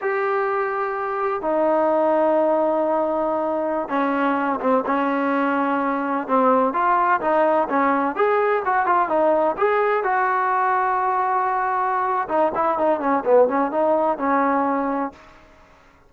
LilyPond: \new Staff \with { instrumentName = "trombone" } { \time 4/4 \tempo 4 = 127 g'2. dis'4~ | dis'1~ | dis'16 cis'4. c'8 cis'4.~ cis'16~ | cis'4~ cis'16 c'4 f'4 dis'8.~ |
dis'16 cis'4 gis'4 fis'8 f'8 dis'8.~ | dis'16 gis'4 fis'2~ fis'8.~ | fis'2 dis'8 e'8 dis'8 cis'8 | b8 cis'8 dis'4 cis'2 | }